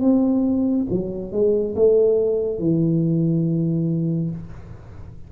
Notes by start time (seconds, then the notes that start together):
0.00 C4
0.90 F#3
1.32 G#3
1.75 A3
2.59 E3